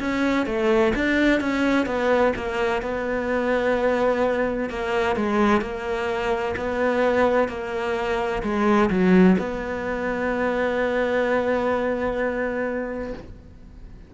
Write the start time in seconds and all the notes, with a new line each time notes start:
0.00 C#4
0.46 A3
0.95 D4
1.41 C#4
1.86 B3
2.36 A#3
2.82 B3
4.70 A#3
5.16 G#3
5.61 A#3
6.57 B3
7.49 A#3
8.43 G#3
8.90 F#3
9.38 B3